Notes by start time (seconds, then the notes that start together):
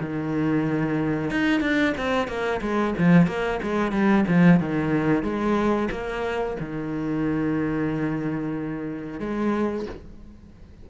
0.00 D#3
1.30 D#4
1.61 D4
1.98 C4
2.27 A#3
2.61 G#3
2.98 F3
3.27 A#3
3.62 G#3
3.92 G3
4.28 F3
4.60 D#3
5.23 G#3
5.91 A#3
6.60 D#3
9.20 G#3